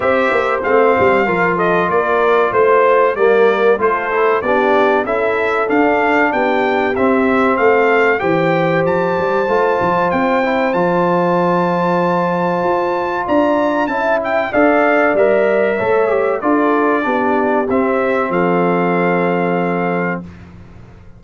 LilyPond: <<
  \new Staff \with { instrumentName = "trumpet" } { \time 4/4 \tempo 4 = 95 e''4 f''4. dis''8 d''4 | c''4 d''4 c''4 d''4 | e''4 f''4 g''4 e''4 | f''4 g''4 a''2 |
g''4 a''2.~ | a''4 ais''4 a''8 g''8 f''4 | e''2 d''2 | e''4 f''2. | }
  \new Staff \with { instrumentName = "horn" } { \time 4/4 c''2 ais'8 a'8 ais'4 | c''4 ais'4 a'4 g'4 | a'2 g'2 | a'4 c''2.~ |
c''1~ | c''4 d''4 e''4 d''4~ | d''4 cis''4 a'4 g'4~ | g'4 a'2. | }
  \new Staff \with { instrumentName = "trombone" } { \time 4/4 g'4 c'4 f'2~ | f'4 ais4 f'8 e'8 d'4 | e'4 d'2 c'4~ | c'4 g'2 f'4~ |
f'8 e'8 f'2.~ | f'2 e'4 a'4 | ais'4 a'8 g'8 f'4 d'4 | c'1 | }
  \new Staff \with { instrumentName = "tuba" } { \time 4/4 c'8 ais8 a8 g8 f4 ais4 | a4 g4 a4 b4 | cis'4 d'4 b4 c'4 | a4 e4 f8 g8 a8 f8 |
c'4 f2. | f'4 d'4 cis'4 d'4 | g4 a4 d'4 b4 | c'4 f2. | }
>>